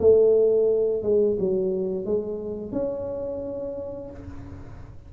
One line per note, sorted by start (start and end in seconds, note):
0.00 1.03 A3
1.03 1.37 G#3
1.39 2.05 F#3
2.05 2.72 G#3
2.72 4.10 C#4